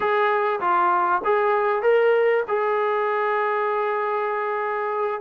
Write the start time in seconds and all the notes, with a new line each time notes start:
0.00 G#4
0.60 F4
1.24 G#4
1.82 A#4
2.47 G#4